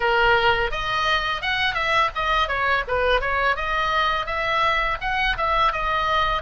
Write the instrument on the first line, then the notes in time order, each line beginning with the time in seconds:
oboe
0.00 A#4
0.71 D#5
1.41 F#5
1.74 E5
2.15 D#5
2.48 C#5
2.87 B4
3.20 C#5
3.56 D#5
4.26 E5
5.01 F#5
5.37 E5
5.72 D#5